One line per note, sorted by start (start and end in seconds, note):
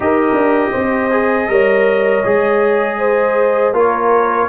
0.00 0.33 D#4
0.00 1.11 G4
0.00 0.71 A#4
0.00 3.76 D#5
0.33 0.70 D4
0.71 1.48 C4
0.71 1.46 C5
1.11 1.49 G#4
1.48 2.23 G3
1.48 2.24 A#4
1.48 2.99 C#5
2.25 3.72 G#3
2.25 3.74 G#4
2.99 3.74 C5
3.72 4.47 A#3
3.72 4.49 F4
3.72 4.49 A#4
3.72 4.49 C#5